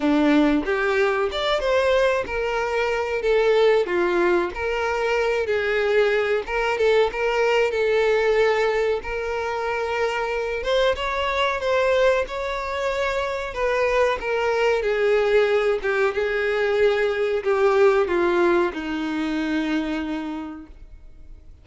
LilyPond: \new Staff \with { instrumentName = "violin" } { \time 4/4 \tempo 4 = 93 d'4 g'4 d''8 c''4 ais'8~ | ais'4 a'4 f'4 ais'4~ | ais'8 gis'4. ais'8 a'8 ais'4 | a'2 ais'2~ |
ais'8 c''8 cis''4 c''4 cis''4~ | cis''4 b'4 ais'4 gis'4~ | gis'8 g'8 gis'2 g'4 | f'4 dis'2. | }